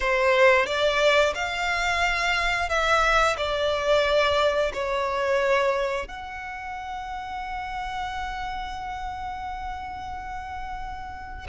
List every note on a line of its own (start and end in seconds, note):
0.00 0.66 C5
0.66 1.33 D5
1.35 2.69 F5
2.69 3.36 E5
3.37 4.72 D5
4.73 6.08 C#5
6.08 11.47 F#5